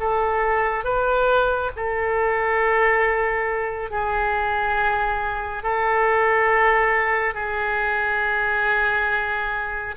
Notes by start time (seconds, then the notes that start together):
0.00 A4
0.85 B4
1.77 A4
3.91 G#4
5.63 A4
7.35 G#4